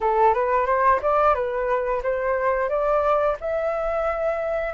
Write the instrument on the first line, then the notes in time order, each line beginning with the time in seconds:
flute
0.00 A4
0.34 B4
0.66 C5
1.02 D5
1.34 B4
2.03 C5
2.69 D5
3.40 E5